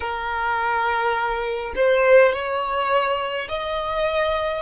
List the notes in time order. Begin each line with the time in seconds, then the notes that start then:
0.00 A#4
1.75 C5
2.32 C#5
3.48 D#5